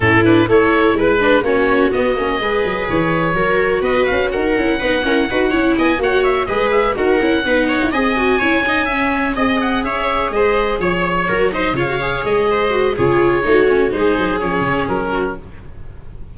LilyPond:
<<
  \new Staff \with { instrumentName = "oboe" } { \time 4/4 \tempo 4 = 125 a'8 b'8 cis''4 b'4 cis''4 | dis''2 cis''2 | dis''8 f''8 fis''2. | gis''8 fis''8 e''8 dis''8 e''8 fis''4.~ |
fis''8 gis''2. dis''8 | fis''8 e''4 dis''4 cis''4. | dis''8 f''4 dis''4. cis''4~ | cis''4 c''4 cis''4 ais'4 | }
  \new Staff \with { instrumentName = "viola" } { \time 4/4 e'4 a'4 b'4 fis'4~ | fis'4 b'2 ais'4 | b'4 ais'4 b'8 ais'8 b'8 cis''8 | dis''8 cis''4 b'4 ais'4 b'8 |
cis''8 dis''4 cis''8 dis''8 e''4 dis''8~ | dis''8 cis''4 c''4 cis''4 ais'8 | c''8 cis''4. c''4 gis'4 | fis'4 gis'2~ gis'8 fis'8 | }
  \new Staff \with { instrumentName = "viola" } { \time 4/4 cis'8 d'8 e'4. d'8 cis'4 | b8 cis'8 gis'2 fis'4~ | fis'4. e'8 dis'8 cis'8 fis'8 e'8~ | e'8 fis'4 gis'4 fis'8 e'8 dis'8~ |
dis'8 gis'8 fis'8 e'8 dis'8 cis'4 gis'8~ | gis'2.~ gis'8 fis'8 | dis'8 f'16 fis'16 gis'4. fis'8 f'4 | dis'8 cis'8 dis'4 cis'2 | }
  \new Staff \with { instrumentName = "tuba" } { \time 4/4 a,4 a4 gis4 ais4 | b8 ais8 gis8 fis8 e4 fis4 | b8 cis'8 dis'8 cis'8 b8 e'8 dis'8 cis'8 | b8 ais4 gis4 dis'8 cis'8 b8~ |
b16 e'16 c'4 cis'2 c'8~ | c'8 cis'4 gis4 f4 fis8~ | fis8 cis4 gis4. cis4 | a4 gis8 fis8 f8 cis8 fis4 | }
>>